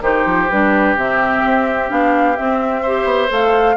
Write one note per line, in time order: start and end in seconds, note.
0.00 0.24 D#3
0.00 0.47 D#4
0.00 2.82 G4
0.00 0.49 C5
0.25 0.49 F3
0.49 0.96 G3
0.49 0.97 D4
0.49 0.96 B4
0.96 1.42 C3
0.96 1.88 C4
0.96 1.90 E5
1.45 1.91 C4
1.88 2.38 B3
1.88 2.35 D4
1.88 2.36 F5
2.36 2.84 C4
2.36 3.04 C4
2.36 3.30 E5
2.82 3.29 G4
2.82 3.76 C5
3.04 3.28 B3
3.29 3.77 A3
3.29 3.76 A4
3.29 3.77 F5